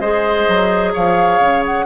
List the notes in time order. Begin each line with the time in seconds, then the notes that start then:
0.00 G#3 G#4 C5 D#5
0.48 F#3
0.93 F3 C#5 F5
1.39 C#3
1.66 F#5